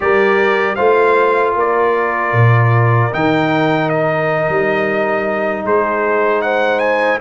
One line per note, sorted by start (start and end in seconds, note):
0.00 0.78 G3
0.00 0.77 G4
0.00 0.75 A#4
0.00 0.75 D5
0.75 1.55 A3
0.75 3.11 F4
0.75 1.53 C5
0.75 1.53 F5
1.55 2.32 A#3
1.55 5.65 A#4
1.55 3.13 D5
2.32 3.10 A#2
3.11 4.49 D#3
3.11 7.20 D#4
3.11 3.89 G5
3.89 5.64 D#5
4.49 5.64 G3
5.64 7.20 G#3
5.64 6.43 G#4
5.64 6.41 C5
6.41 7.20 C5
6.41 6.79 F#5
6.79 7.18 G#5